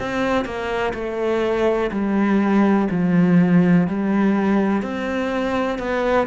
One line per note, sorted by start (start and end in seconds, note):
0.00 0.45 C4
0.45 0.94 A#3
0.94 1.91 A3
1.92 2.89 G3
2.91 3.88 F3
3.88 4.83 G3
4.83 5.79 C4
5.79 6.27 B3